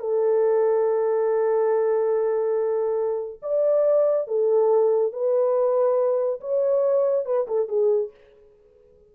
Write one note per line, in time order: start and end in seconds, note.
0.00 3.40 A4
3.43 4.28 D5
4.28 5.13 A4
5.13 6.41 B4
6.41 7.26 C#5
7.26 7.47 B4
7.48 7.68 A4
7.68 8.11 G#4